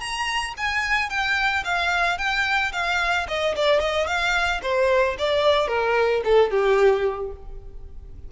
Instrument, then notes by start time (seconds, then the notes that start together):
violin
0.00 A#5
0.57 G#5
1.10 G5
1.64 F5
2.18 G5
2.73 F5
3.28 D#5
3.56 D5
3.80 D#5
4.07 F5
4.62 C5
5.19 D5
5.68 A#4
6.25 A4
6.51 G4